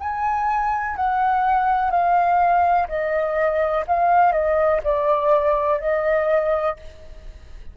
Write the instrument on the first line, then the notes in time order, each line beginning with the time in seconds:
flute
0.00 G#5
0.96 F#5
1.90 F5
2.88 D#5
3.87 F5
4.32 D#5
4.83 D5
5.80 D#5